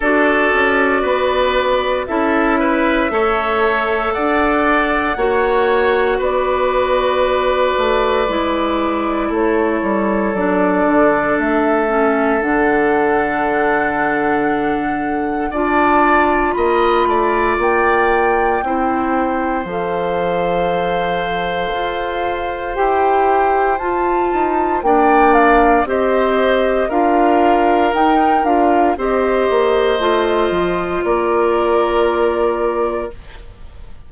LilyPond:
<<
  \new Staff \with { instrumentName = "flute" } { \time 4/4 \tempo 4 = 58 d''2 e''2 | fis''2 d''2~ | d''4 cis''4 d''4 e''4 | fis''2. a''4 |
b''4 g''2 f''4~ | f''2 g''4 a''4 | g''8 f''8 dis''4 f''4 g''8 f''8 | dis''2 d''2 | }
  \new Staff \with { instrumentName = "oboe" } { \time 4/4 a'4 b'4 a'8 b'8 cis''4 | d''4 cis''4 b'2~ | b'4 a'2.~ | a'2. d''4 |
dis''8 d''4. c''2~ | c''1 | d''4 c''4 ais'2 | c''2 ais'2 | }
  \new Staff \with { instrumentName = "clarinet" } { \time 4/4 fis'2 e'4 a'4~ | a'4 fis'2. | e'2 d'4. cis'8 | d'2. f'4~ |
f'2 e'4 a'4~ | a'2 g'4 f'4 | d'4 g'4 f'4 dis'8 f'8 | g'4 f'2. | }
  \new Staff \with { instrumentName = "bassoon" } { \time 4/4 d'8 cis'8 b4 cis'4 a4 | d'4 ais4 b4. a8 | gis4 a8 g8 fis8 d8 a4 | d2. d'4 |
ais8 a8 ais4 c'4 f4~ | f4 f'4 e'4 f'8 dis'8 | ais4 c'4 d'4 dis'8 d'8 | c'8 ais8 a8 f8 ais2 | }
>>